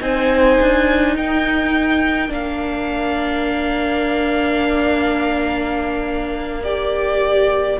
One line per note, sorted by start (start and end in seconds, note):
0.00 0.58 C4
0.00 2.28 D#4
0.00 1.17 C5
0.00 1.16 G#5
0.60 1.17 D4
1.16 2.29 D#4
1.16 7.80 A#4
1.16 2.32 G5
2.28 7.77 A#3
2.28 6.61 D4
2.28 6.63 F5
6.63 7.79 G4
6.63 7.78 D5